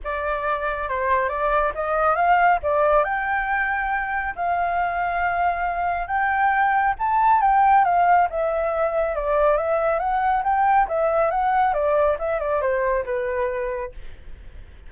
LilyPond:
\new Staff \with { instrumentName = "flute" } { \time 4/4 \tempo 4 = 138 d''2 c''4 d''4 | dis''4 f''4 d''4 g''4~ | g''2 f''2~ | f''2 g''2 |
a''4 g''4 f''4 e''4~ | e''4 d''4 e''4 fis''4 | g''4 e''4 fis''4 d''4 | e''8 d''8 c''4 b'2 | }